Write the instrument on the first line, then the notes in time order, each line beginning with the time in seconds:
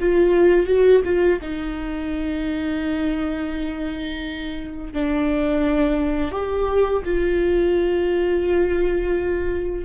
viola
0.00 F4
0.67 F#4
1.05 F4
1.42 D#4
4.93 D4
6.32 G4
7.05 F4